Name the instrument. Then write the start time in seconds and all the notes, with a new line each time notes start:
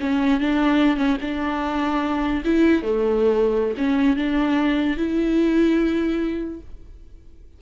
viola
0.00 C#4
0.40 D4
0.96 C#4
1.21 D4
2.44 E4
2.83 A3
3.77 C#4
4.16 D4
4.96 E4